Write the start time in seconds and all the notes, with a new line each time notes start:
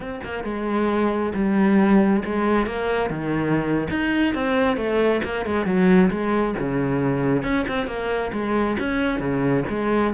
0.00 C4
0.24 A#3
0.44 G#3
1.34 G3
2.24 G#3
2.66 A#3
3.10 D#3
3.89 D#4
4.34 C4
4.76 A3
5.23 A#3
5.45 G#3
5.65 F#3
6.10 G#3
6.59 C#3
7.43 C#4
7.68 C4
7.87 A#3
8.32 G#3
8.79 C#4
9.19 C#3
9.69 G#3